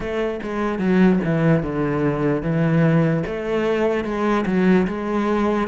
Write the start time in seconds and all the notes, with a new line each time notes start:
0.00 A3
0.42 G#3
0.79 F#3
1.24 E3
1.62 D3
2.42 E3
3.26 A3
4.04 G#3
4.46 F#3
4.87 G#3